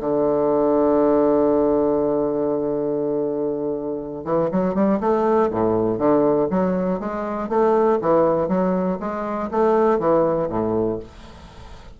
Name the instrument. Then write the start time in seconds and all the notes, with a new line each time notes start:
bassoon
0.00 D3
4.24 E3
4.51 F#3
4.74 G3
5.00 A3
5.50 A2
5.98 D3
6.50 F#3
6.99 G#3
7.49 A3
8.01 E3
8.48 F#3
8.99 G#3
9.51 A3
9.99 E3
10.49 A2